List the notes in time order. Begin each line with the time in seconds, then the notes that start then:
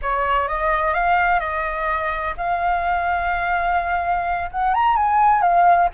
0.02 C#5
0.48 D#5
0.94 F5
1.40 D#5
2.37 F5
4.51 F#5
4.74 A#5
4.96 G#5
5.41 F5